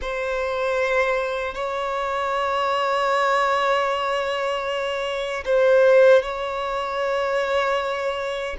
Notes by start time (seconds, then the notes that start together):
0.01 C5
1.54 C#5
5.45 C5
6.22 C#5